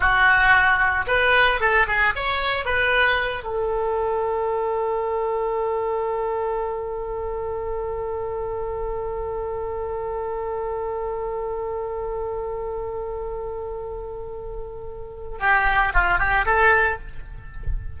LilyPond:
\new Staff \with { instrumentName = "oboe" } { \time 4/4 \tempo 4 = 113 fis'2 b'4 a'8 gis'8 | cis''4 b'4. a'4.~ | a'1~ | a'1~ |
a'1~ | a'1~ | a'1~ | a'4 g'4 f'8 g'8 a'4 | }